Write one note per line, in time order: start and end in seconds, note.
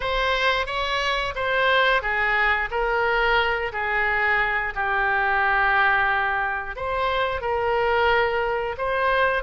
0.00 0.66 C5
0.66 1.34 C#5
1.35 2.02 C5
2.02 2.69 G#4
2.70 3.71 A#4
3.72 4.73 G#4
4.75 6.75 G4
6.75 7.41 C5
7.41 8.76 A#4
8.77 9.43 C5